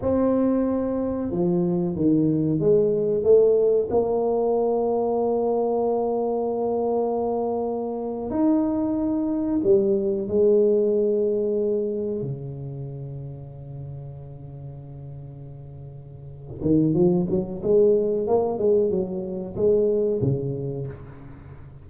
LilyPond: \new Staff \with { instrumentName = "tuba" } { \time 4/4 \tempo 4 = 92 c'2 f4 dis4 | gis4 a4 ais2~ | ais1~ | ais8. dis'2 g4 gis16~ |
gis2~ gis8. cis4~ cis16~ | cis1~ | cis4. dis8 f8 fis8 gis4 | ais8 gis8 fis4 gis4 cis4 | }